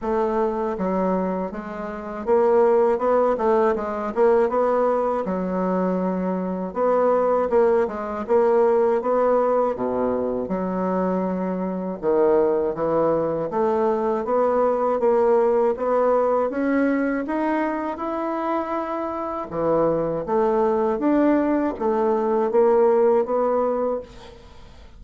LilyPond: \new Staff \with { instrumentName = "bassoon" } { \time 4/4 \tempo 4 = 80 a4 fis4 gis4 ais4 | b8 a8 gis8 ais8 b4 fis4~ | fis4 b4 ais8 gis8 ais4 | b4 b,4 fis2 |
dis4 e4 a4 b4 | ais4 b4 cis'4 dis'4 | e'2 e4 a4 | d'4 a4 ais4 b4 | }